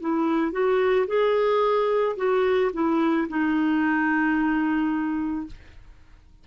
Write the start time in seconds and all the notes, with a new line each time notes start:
0.00 E4
0.52 F#4
1.07 G#4
2.16 F#4
2.73 E4
3.28 D#4